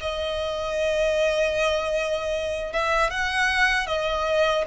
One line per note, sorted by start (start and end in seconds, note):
0.00 2.72 D#5
2.72 3.10 E5
3.10 3.86 F#5
3.86 4.64 D#5